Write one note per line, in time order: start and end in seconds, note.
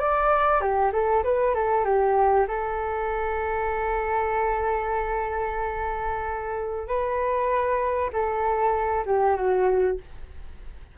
0.00 0.61 D5
0.61 0.92 G4
0.93 1.23 A4
1.24 1.54 B4
1.54 1.85 A4
1.85 2.46 G4
2.48 6.88 A4
6.88 8.10 B4
8.13 9.05 A4
9.06 9.36 G4
9.36 9.98 F#4